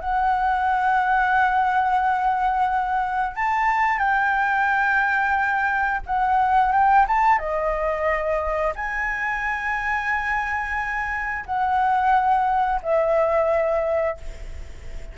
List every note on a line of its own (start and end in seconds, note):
0.00 3.36 F#5
3.36 3.98 A5
3.98 6.01 G5
6.06 6.72 F#5
6.72 7.06 G5
7.08 7.38 A5
7.38 8.73 D#5
8.75 11.45 G#5
11.46 12.81 F#5
12.82 14.17 E5